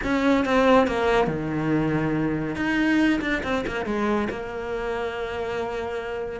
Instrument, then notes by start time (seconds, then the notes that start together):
cello
0.03 C#4
0.45 C4
0.87 A#3
1.27 D#3
2.55 D#4
3.21 D4
3.43 C4
3.66 A#3
3.85 G#3
4.30 A#3